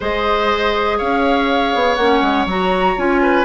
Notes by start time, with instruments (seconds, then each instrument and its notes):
0.00 bassoon G#3, clarinet G#4, oboe C5, flute D#5
0.98 bassoon C#4, oboe C#5, flute F5
1.74 bassoon B3
1.95 bassoon A#3, clarinet C#4, flute F#5
2.21 bassoon G#3
2.45 bassoon F#3, clarinet F#4, flute A#5
2.96 bassoon C#4, clarinet F4, flute G#5
3.21 oboe B4